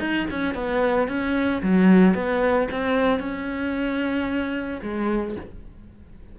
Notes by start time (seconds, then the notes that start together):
0.00 D#4
0.31 C#4
0.55 B3
1.08 C#4
1.63 F#3
2.15 B3
2.71 C4
3.20 C#4
4.83 G#3